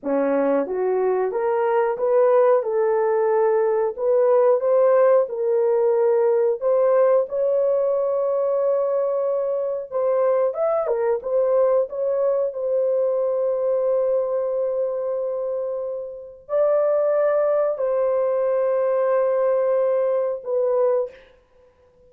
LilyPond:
\new Staff \with { instrumentName = "horn" } { \time 4/4 \tempo 4 = 91 cis'4 fis'4 ais'4 b'4 | a'2 b'4 c''4 | ais'2 c''4 cis''4~ | cis''2. c''4 |
e''8 ais'8 c''4 cis''4 c''4~ | c''1~ | c''4 d''2 c''4~ | c''2. b'4 | }